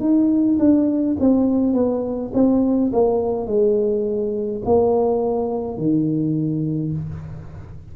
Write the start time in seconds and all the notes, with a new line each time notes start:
0.00 D#4
0.59 D4
1.20 C4
1.74 B3
2.34 C4
2.93 A#3
3.47 G#3
4.65 A#3
5.77 D#3